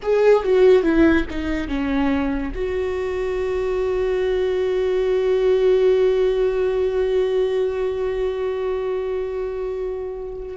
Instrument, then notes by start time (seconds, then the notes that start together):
viola
0.02 G#4
0.43 F#4
0.82 E4
1.29 D#4
1.67 C#4
2.54 F#4